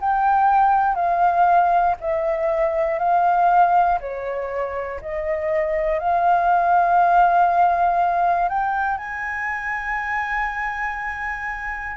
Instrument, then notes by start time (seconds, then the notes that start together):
flute
0.00 G5
0.95 F5
2.00 E5
2.99 F5
4.00 C#5
5.01 D#5
5.99 F5
8.49 G5
8.98 G#5